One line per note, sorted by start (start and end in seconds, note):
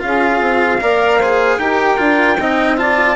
0.00 0.41 C#4
0.00 0.79 F4
0.00 0.81 G#4
0.00 1.59 F5
0.41 0.80 C4
0.81 1.59 A#3
0.81 1.20 A#4
0.81 1.19 D5
1.19 1.60 G#4
1.19 1.58 C5
1.59 1.98 D#4
1.59 1.98 G4
1.59 2.39 A#4
1.59 2.77 G5
1.98 2.38 D4
1.98 2.37 F4
2.39 3.17 C4
2.39 2.78 D#4
2.39 2.79 D#5
2.78 3.17 F4
2.78 3.17 D5
2.78 3.17 A5